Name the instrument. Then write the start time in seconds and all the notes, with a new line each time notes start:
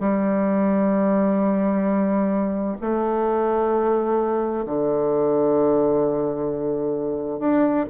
bassoon
0.00 G3
2.81 A3
4.66 D3
7.40 D4